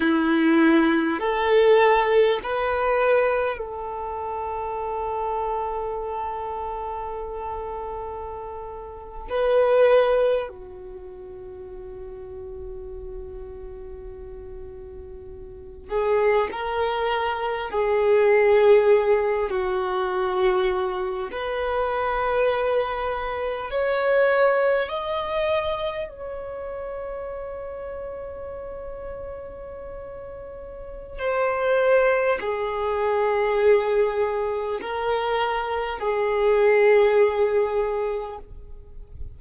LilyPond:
\new Staff \with { instrumentName = "violin" } { \time 4/4 \tempo 4 = 50 e'4 a'4 b'4 a'4~ | a'2.~ a'8. b'16~ | b'8. fis'2.~ fis'16~ | fis'4~ fis'16 gis'8 ais'4 gis'4~ gis'16~ |
gis'16 fis'4. b'2 cis''16~ | cis''8. dis''4 cis''2~ cis''16~ | cis''2 c''4 gis'4~ | gis'4 ais'4 gis'2 | }